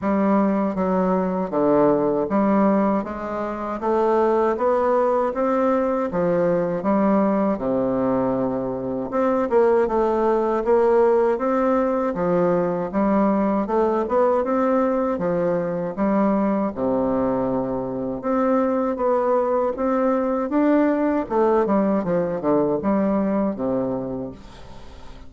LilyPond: \new Staff \with { instrumentName = "bassoon" } { \time 4/4 \tempo 4 = 79 g4 fis4 d4 g4 | gis4 a4 b4 c'4 | f4 g4 c2 | c'8 ais8 a4 ais4 c'4 |
f4 g4 a8 b8 c'4 | f4 g4 c2 | c'4 b4 c'4 d'4 | a8 g8 f8 d8 g4 c4 | }